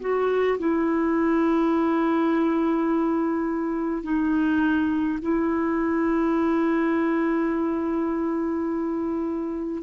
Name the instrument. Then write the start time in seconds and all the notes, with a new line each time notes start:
clarinet
0.00 F#4
0.59 E4
4.03 D#4
5.22 E4